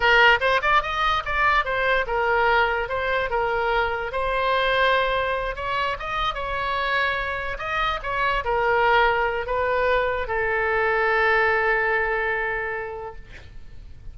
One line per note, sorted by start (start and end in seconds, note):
0.00 0.39 A#4
0.40 0.61 C5
0.61 0.82 D5
0.82 1.23 D#5
1.25 1.64 D5
1.64 2.05 C5
2.06 2.88 A#4
2.88 3.30 C5
3.30 4.12 A#4
4.12 5.55 C5
5.55 5.96 C#5
5.99 6.34 D#5
6.34 7.57 C#5
7.58 7.99 D#5
8.02 8.44 C#5
8.44 9.46 A#4
9.46 10.27 B4
10.27 13.15 A4